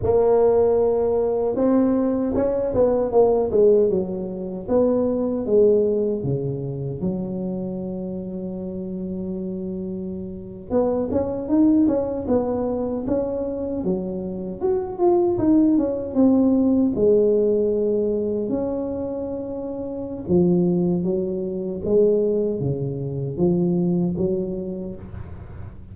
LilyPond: \new Staff \with { instrumentName = "tuba" } { \time 4/4 \tempo 4 = 77 ais2 c'4 cis'8 b8 | ais8 gis8 fis4 b4 gis4 | cis4 fis2.~ | fis4.~ fis16 b8 cis'8 dis'8 cis'8 b16~ |
b8. cis'4 fis4 fis'8 f'8 dis'16~ | dis'16 cis'8 c'4 gis2 cis'16~ | cis'2 f4 fis4 | gis4 cis4 f4 fis4 | }